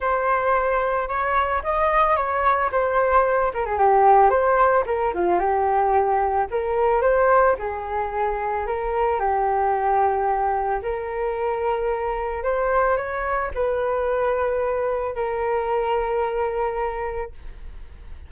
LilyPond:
\new Staff \with { instrumentName = "flute" } { \time 4/4 \tempo 4 = 111 c''2 cis''4 dis''4 | cis''4 c''4. ais'16 gis'16 g'4 | c''4 ais'8 f'8 g'2 | ais'4 c''4 gis'2 |
ais'4 g'2. | ais'2. c''4 | cis''4 b'2. | ais'1 | }